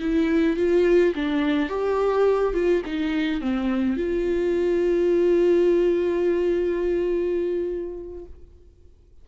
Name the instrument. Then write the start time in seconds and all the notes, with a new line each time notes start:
viola
0.00 E4
0.57 F4
1.15 D4
1.69 G4
2.54 F4
2.85 D#4
3.41 C4
3.97 F4